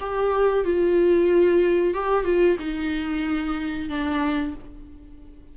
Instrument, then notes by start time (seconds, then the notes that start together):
viola
0.00 G4
0.64 F4
1.94 G4
2.24 F4
2.59 D#4
3.89 D4